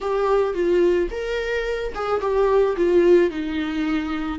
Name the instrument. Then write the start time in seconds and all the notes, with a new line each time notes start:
viola
0.01 G4
0.54 F4
1.10 A#4
1.94 G#4
2.20 G4
2.76 F4
3.30 D#4